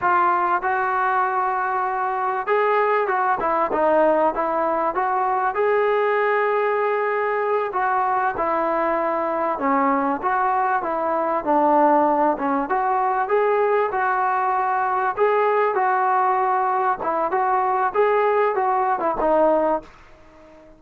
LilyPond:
\new Staff \with { instrumentName = "trombone" } { \time 4/4 \tempo 4 = 97 f'4 fis'2. | gis'4 fis'8 e'8 dis'4 e'4 | fis'4 gis'2.~ | gis'8 fis'4 e'2 cis'8~ |
cis'8 fis'4 e'4 d'4. | cis'8 fis'4 gis'4 fis'4.~ | fis'8 gis'4 fis'2 e'8 | fis'4 gis'4 fis'8. e'16 dis'4 | }